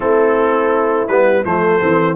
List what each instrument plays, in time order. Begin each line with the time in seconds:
0.00 tuba A3, trombone C4, horn E4, trumpet A4
1.07 tuba G3, trombone B3, trumpet B4
1.44 tuba F3, trombone A3, horn A4, trumpet C5
1.80 tuba E3, trombone C4